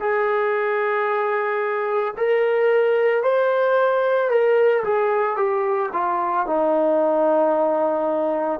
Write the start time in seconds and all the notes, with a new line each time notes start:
0.00 G#4
2.17 A#4
3.23 C5
4.30 A#4
4.84 G#4
5.36 G4
5.93 F4
6.46 D#4